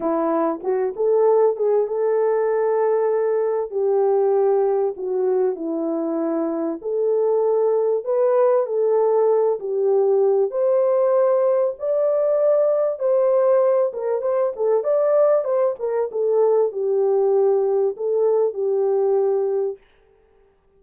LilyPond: \new Staff \with { instrumentName = "horn" } { \time 4/4 \tempo 4 = 97 e'4 fis'8 a'4 gis'8 a'4~ | a'2 g'2 | fis'4 e'2 a'4~ | a'4 b'4 a'4. g'8~ |
g'4 c''2 d''4~ | d''4 c''4. ais'8 c''8 a'8 | d''4 c''8 ais'8 a'4 g'4~ | g'4 a'4 g'2 | }